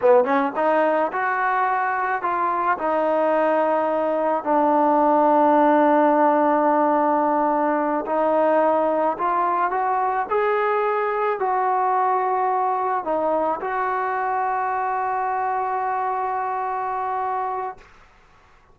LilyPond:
\new Staff \with { instrumentName = "trombone" } { \time 4/4 \tempo 4 = 108 b8 cis'8 dis'4 fis'2 | f'4 dis'2. | d'1~ | d'2~ d'8 dis'4.~ |
dis'8 f'4 fis'4 gis'4.~ | gis'8 fis'2. dis'8~ | dis'8 fis'2.~ fis'8~ | fis'1 | }